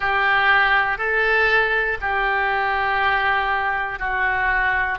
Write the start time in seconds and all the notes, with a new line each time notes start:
0.00 G4
0.97 A4
2.00 G4
3.99 F#4